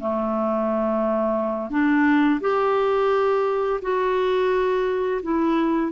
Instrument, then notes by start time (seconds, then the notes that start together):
clarinet
0.00 A3
1.70 D4
2.41 G4
3.82 F#4
5.23 E4